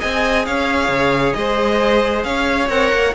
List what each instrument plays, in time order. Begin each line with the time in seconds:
0.00 cello C4, viola G#4, violin D#5 G#5
0.46 cello C#4, violin C#5 F5
0.89 cello C#3
1.34 cello G#3, violin C5 D#5
2.24 cello C#4, violin C#5 F5
2.69 cello C4, viola A#4, violin F#5
2.93 cello A#3